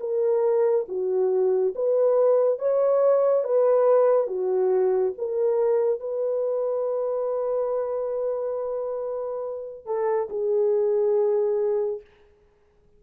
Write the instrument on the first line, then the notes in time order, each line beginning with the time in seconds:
horn
0.00 A#4
0.88 F#4
1.75 B4
2.59 C#5
3.44 B4
4.27 F#4
5.18 A#4
6.00 B4
9.85 A4
10.29 G#4